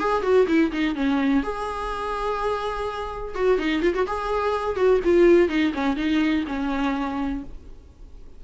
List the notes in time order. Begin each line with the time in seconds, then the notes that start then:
0.00 G#4
0.23 F#4
0.47 E4
0.72 D#4
0.96 C#4
1.43 G#4
3.35 F#4
3.59 D#4
3.82 F4
3.95 F#4
4.07 G#4
4.76 F#4
5.05 F4
5.49 D#4
5.74 C#4
5.97 D#4
6.48 C#4